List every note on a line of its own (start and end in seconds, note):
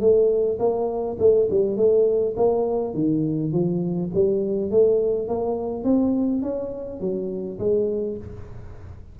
0.00 0.58 A3
0.59 1.17 A#3
1.19 1.48 A3
1.50 1.76 G3
1.76 2.35 A3
2.36 2.94 A#3
2.94 3.52 D#3
3.52 4.10 F3
4.14 4.70 G3
4.70 5.28 A3
5.28 5.84 A#3
5.84 6.42 C4
6.42 7.00 C#4
7.00 7.58 F#3
7.59 8.17 G#3